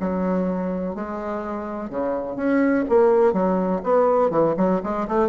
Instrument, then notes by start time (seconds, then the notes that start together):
bassoon
0.00 F#3
0.95 G#3
1.90 C#3
2.36 C#4
2.89 A#3
3.33 F#3
3.83 B3
4.30 E3
4.57 F#3
4.83 G#3
5.07 A3